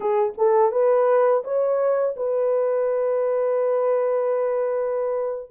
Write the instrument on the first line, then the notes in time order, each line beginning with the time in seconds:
horn
0.00 G#4
0.37 A4
0.71 B4
1.44 C#5
2.16 B4